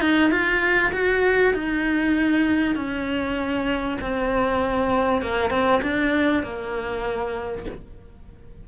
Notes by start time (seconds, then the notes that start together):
0.00 D#4
0.30 F4
0.92 F#4
1.53 D#4
2.75 C#4
4.01 C4
5.21 A#3
5.50 C4
5.82 D4
6.43 A#3